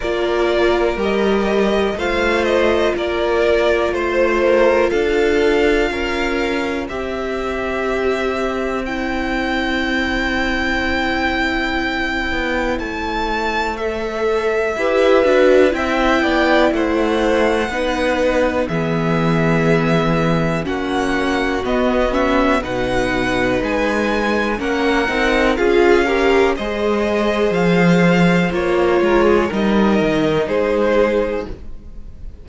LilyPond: <<
  \new Staff \with { instrumentName = "violin" } { \time 4/4 \tempo 4 = 61 d''4 dis''4 f''8 dis''8 d''4 | c''4 f''2 e''4~ | e''4 g''2.~ | g''4 a''4 e''2 |
g''4 fis''2 e''4~ | e''4 fis''4 dis''8 e''8 fis''4 | gis''4 fis''4 f''4 dis''4 | f''4 cis''4 dis''4 c''4 | }
  \new Staff \with { instrumentName = "violin" } { \time 4/4 ais'2 c''4 ais'4 | c''8 ais'8 a'4 ais'4 c''4~ | c''1~ | c''2. b'4 |
e''8 d''8 c''4 b'4 gis'4~ | gis'4 fis'2 b'4~ | b'4 ais'4 gis'8 ais'8 c''4~ | c''4. ais'16 gis'16 ais'4 gis'4 | }
  \new Staff \with { instrumentName = "viola" } { \time 4/4 f'4 g'4 f'2~ | f'2. g'4~ | g'4 e'2.~ | e'2 a'4 g'8 fis'8 |
e'2 dis'4 b4~ | b4 cis'4 b8 cis'8 dis'4~ | dis'4 cis'8 dis'8 f'8 g'8 gis'4~ | gis'4 f'4 dis'2 | }
  \new Staff \with { instrumentName = "cello" } { \time 4/4 ais4 g4 a4 ais4 | a4 d'4 cis'4 c'4~ | c'1~ | c'8 b8 a2 e'8 d'8 |
c'8 b8 a4 b4 e4~ | e4 ais4 b4 b,4 | gis4 ais8 c'8 cis'4 gis4 | f4 ais8 gis8 g8 dis8 gis4 | }
>>